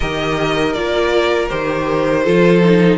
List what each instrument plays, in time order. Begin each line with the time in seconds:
0.00 cello D#3, viola G4, violin A#4 D#5
0.73 cello A#3, viola F4, violin D5
1.49 cello D#3, viola G4, violin C5
2.24 cello F3, viola F4, violin A4
2.63 viola D#4